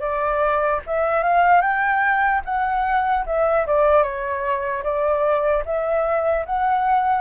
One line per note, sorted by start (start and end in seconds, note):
0.00 0.80 D5
0.86 1.23 E5
1.23 1.61 F5
1.61 2.41 G5
2.45 3.25 F#5
3.26 3.66 E5
3.67 4.03 D5
4.03 4.83 C#5
4.83 5.63 D5
5.65 6.45 E5
6.45 7.21 F#5